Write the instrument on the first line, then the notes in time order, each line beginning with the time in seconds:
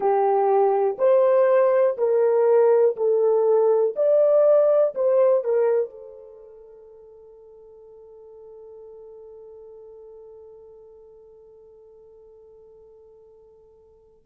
horn
0.00 G4
0.98 C5
1.97 A#4
2.96 A4
3.96 D5
4.94 C5
5.44 A#4
5.90 A4